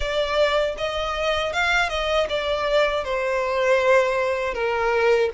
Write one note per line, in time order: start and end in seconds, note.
0.00 0.75 D5
0.77 1.53 D#5
1.53 1.88 F5
1.88 2.26 D#5
2.29 3.04 D5
3.04 4.54 C5
4.54 5.30 A#4